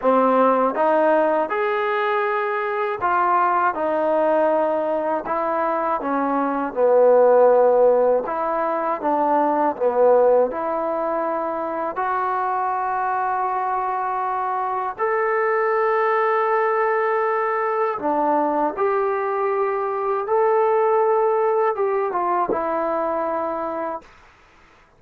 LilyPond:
\new Staff \with { instrumentName = "trombone" } { \time 4/4 \tempo 4 = 80 c'4 dis'4 gis'2 | f'4 dis'2 e'4 | cis'4 b2 e'4 | d'4 b4 e'2 |
fis'1 | a'1 | d'4 g'2 a'4~ | a'4 g'8 f'8 e'2 | }